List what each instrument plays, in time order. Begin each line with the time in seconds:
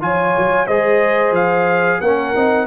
0.00 tuba F3, trombone F4, horn C#5, trumpet G#5
0.37 tuba F#3
0.66 tuba G#3, trombone G#4, horn C5, trumpet D#5
1.31 tuba F3, trumpet F5
2.01 tuba A#3, trombone C#4, horn A#4, trumpet F#5
2.35 tuba C4, trombone D#4